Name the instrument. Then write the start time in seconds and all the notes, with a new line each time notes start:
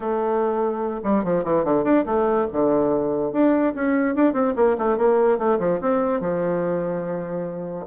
bassoon
0.00 A3
1.03 G3
1.24 F3
1.44 E3
1.64 D3
1.84 D4
2.05 A3
2.52 D3
3.32 D4
3.74 C#4
4.15 D4
4.33 C4
4.56 A#3
4.77 A3
4.97 A#3
5.38 A3
5.59 F3
5.80 C4
6.20 F3